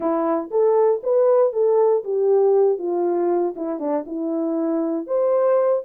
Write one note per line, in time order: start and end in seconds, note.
0.00 0.50 E4
0.51 1.01 A4
1.03 1.53 B4
1.53 2.03 A4
2.04 2.78 G4
2.78 3.54 F4
3.55 3.79 E4
3.79 4.04 D4
4.06 5.06 E4
5.06 5.82 C5